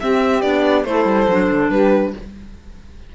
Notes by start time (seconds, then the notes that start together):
0.00 C4 G4 E5
0.42 B3 D4 D5
0.85 A3 E4 A4 C5
1.05 G3
1.29 F#3 D4
1.51 D3
1.70 G3 G4 B4